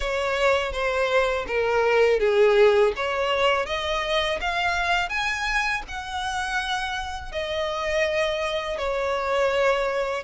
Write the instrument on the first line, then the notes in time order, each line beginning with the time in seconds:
violin
0.00 C#5
0.72 C5
1.47 A#4
2.20 G#4
2.96 C#5
3.66 D#5
4.40 F5
5.09 G#5
5.87 F#5
7.32 D#5
8.78 C#5